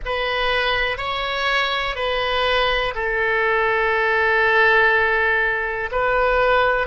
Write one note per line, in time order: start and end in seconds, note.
0.05 0.97 B4
0.97 1.95 C#5
1.95 2.93 B4
2.95 5.90 A4
5.91 6.87 B4